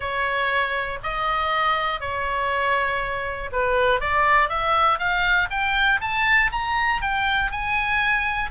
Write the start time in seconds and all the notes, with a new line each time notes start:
0.00 C#5
1.02 D#5
2.00 C#5
3.52 B4
4.00 D5
4.49 E5
4.99 F5
5.50 G5
6.00 A5
6.51 A#5
7.01 G5
7.51 G#5